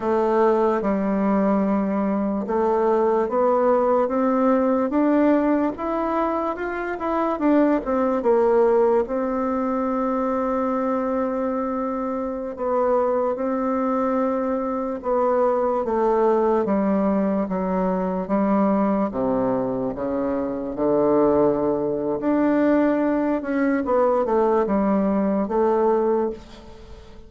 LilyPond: \new Staff \with { instrumentName = "bassoon" } { \time 4/4 \tempo 4 = 73 a4 g2 a4 | b4 c'4 d'4 e'4 | f'8 e'8 d'8 c'8 ais4 c'4~ | c'2.~ c'16 b8.~ |
b16 c'2 b4 a8.~ | a16 g4 fis4 g4 c8.~ | c16 cis4 d4.~ d16 d'4~ | d'8 cis'8 b8 a8 g4 a4 | }